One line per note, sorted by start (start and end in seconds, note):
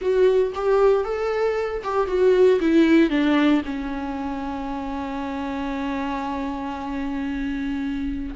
0.01 0.53 F#4
0.54 1.04 G4
1.04 1.82 A4
1.83 2.07 G4
2.07 2.59 F#4
2.60 3.09 E4
3.09 3.62 D4
3.65 8.34 C#4